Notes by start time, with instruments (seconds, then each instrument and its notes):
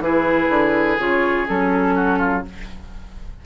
0.00 bassoon E3, clarinet E4, oboe G#4, flute B4
0.49 bassoon D3
0.99 bassoon C#3, clarinet F4, flute C#5
1.49 bassoon F#3, clarinet C#4, flute A4
1.96 oboe F#4
2.19 oboe F4